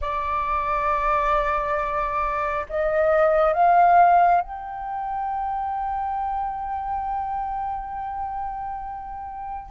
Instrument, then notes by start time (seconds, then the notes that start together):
flute
0.01 D5
2.69 D#5
3.53 F5
4.41 G5